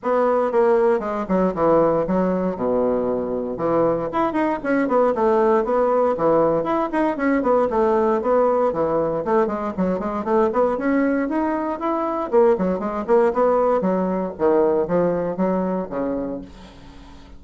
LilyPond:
\new Staff \with { instrumentName = "bassoon" } { \time 4/4 \tempo 4 = 117 b4 ais4 gis8 fis8 e4 | fis4 b,2 e4 | e'8 dis'8 cis'8 b8 a4 b4 | e4 e'8 dis'8 cis'8 b8 a4 |
b4 e4 a8 gis8 fis8 gis8 | a8 b8 cis'4 dis'4 e'4 | ais8 fis8 gis8 ais8 b4 fis4 | dis4 f4 fis4 cis4 | }